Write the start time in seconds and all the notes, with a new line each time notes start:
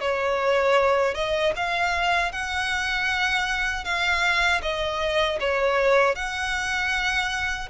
0.00 C#5
1.14 D#5
1.56 F5
2.32 F#5
3.84 F5
4.62 D#5
5.40 C#5
6.15 F#5